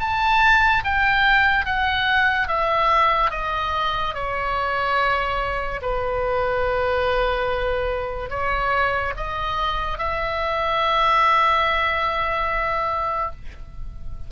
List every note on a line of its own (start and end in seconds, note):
0.00 0.83 A5
0.84 1.66 G5
1.66 2.48 F#5
2.48 3.31 E5
3.31 4.14 D#5
4.14 5.81 C#5
5.82 8.30 B4
8.30 9.13 C#5
9.17 9.98 D#5
9.98 13.32 E5